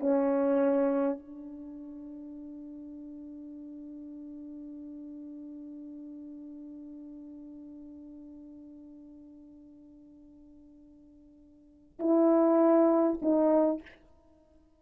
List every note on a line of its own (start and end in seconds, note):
0.00 1.19 C#4
1.19 11.99 D4
11.99 13.19 E4
13.21 13.81 D#4